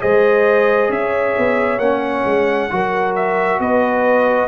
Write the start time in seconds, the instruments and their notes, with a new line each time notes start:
0.00 tuba G#3, trombone G#4, horn C5, trumpet D#5
0.89 tuba C#4, horn C#5, trumpet E5
1.37 tuba B3
1.78 tuba A#3, trombone C#4, trumpet F#5
2.25 tuba G#3
2.70 tuba F#3, trombone F#4, horn A#4
3.15 trumpet E5
3.59 tuba B3, horn B4, trumpet D#5